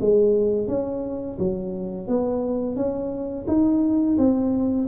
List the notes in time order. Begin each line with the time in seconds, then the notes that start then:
0.00 G#3
0.68 C#4
1.39 F#3
2.07 B3
2.76 C#4
3.47 D#4
4.18 C4